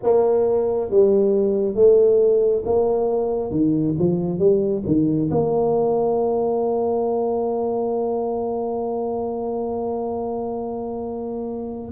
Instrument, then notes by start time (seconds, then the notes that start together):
tuba
0.02 A#3
0.90 G3
1.74 A3
2.65 A#3
3.51 D#3
3.98 F3
4.38 G3
4.85 D#3
5.31 A#3